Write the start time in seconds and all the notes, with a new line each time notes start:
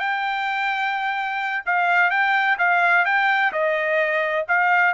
0.00 G5
1.66 F5
2.11 G5
2.59 F5
3.05 G5
3.53 D#5
4.49 F5